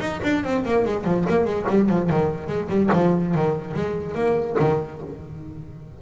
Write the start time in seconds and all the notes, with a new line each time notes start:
0.00 D#4
0.23 D4
0.44 C4
0.65 A#3
0.85 G#3
1.04 F3
1.29 A#3
1.45 G#3
1.69 G3
1.89 F3
2.10 D#3
2.48 G#3
2.69 G3
2.93 F3
3.35 D#3
3.74 G#3
4.15 A#3
4.59 D#3